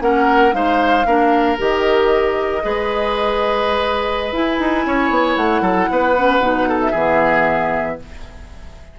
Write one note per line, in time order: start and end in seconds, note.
0.00 0.53 A#3
0.00 0.51 C#4
0.00 0.55 A#4
0.00 0.53 F#5
0.51 1.05 G#3
0.51 1.03 D#4
0.51 1.06 C5
0.51 1.58 F5
1.06 1.58 A#3
1.06 1.58 D4
1.06 2.63 A#4
1.58 2.64 D#3
1.58 2.61 G4
1.58 4.34 D#5
2.61 4.32 G#3
2.61 4.31 G#4
2.61 4.86 B4
4.32 4.58 E4
4.32 6.15 E4
4.32 5.36 G#5
4.58 4.85 D#4
4.86 5.10 C#4
4.86 5.62 C#5
5.10 5.36 B3
5.36 5.61 A3
5.36 6.79 F#5
5.61 5.87 F#3
5.61 5.88 A4
5.90 6.39 B3
5.90 6.69 B4
6.16 6.41 C#4
6.39 6.91 B2
6.39 6.93 D#4
6.69 6.91 A4
6.81 7.99 E5
6.91 7.98 E3
6.91 7.99 B3
6.91 7.95 G#4